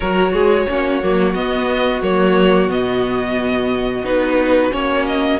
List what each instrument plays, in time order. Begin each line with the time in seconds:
0.00 cello F#3, viola F#4, violin A#4 C#5
0.32 cello G#3, violin G#4
0.68 cello A#3, viola C#4, violin F#4
1.02 cello F#3, viola A#3
1.34 viola B3, cello B3, violin D#5
2.02 cello F#3, viola A#3, violin C#5
2.67 cello B2, viola B3, violin D#5
4.03 cello B3, viola D#4, violin B4
4.71 cello A#3, viola C#4, violin C#5
5.06 violin D#5